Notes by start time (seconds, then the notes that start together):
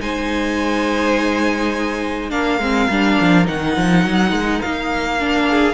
0.00 G#3 D#4 C5 G#5
2.30 A#3 D4 A#4 F5
2.59 G#3 C4
2.89 G3 D4
3.21 F3
3.45 D#3 D#4 F#5
3.77 F3
4.05 F#3
4.32 G#3
4.61 A#3 F5
5.20 D4
5.49 G#4